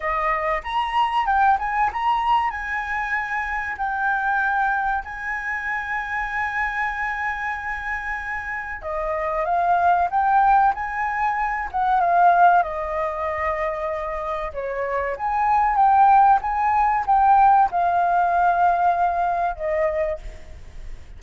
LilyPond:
\new Staff \with { instrumentName = "flute" } { \time 4/4 \tempo 4 = 95 dis''4 ais''4 g''8 gis''8 ais''4 | gis''2 g''2 | gis''1~ | gis''2 dis''4 f''4 |
g''4 gis''4. fis''8 f''4 | dis''2. cis''4 | gis''4 g''4 gis''4 g''4 | f''2. dis''4 | }